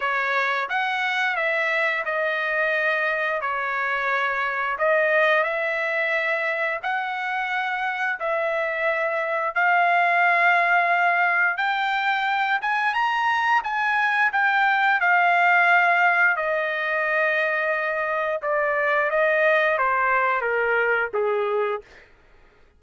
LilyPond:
\new Staff \with { instrumentName = "trumpet" } { \time 4/4 \tempo 4 = 88 cis''4 fis''4 e''4 dis''4~ | dis''4 cis''2 dis''4 | e''2 fis''2 | e''2 f''2~ |
f''4 g''4. gis''8 ais''4 | gis''4 g''4 f''2 | dis''2. d''4 | dis''4 c''4 ais'4 gis'4 | }